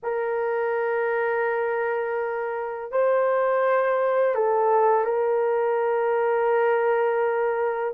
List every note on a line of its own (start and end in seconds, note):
0.02 2.91 A#4
2.91 4.34 C5
4.34 5.04 A4
5.04 7.93 A#4